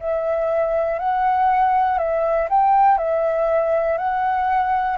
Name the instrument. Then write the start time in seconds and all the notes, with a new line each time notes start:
flute
0.00 E5
0.99 F#5
1.98 E5
2.50 G5
2.98 E5
3.98 F#5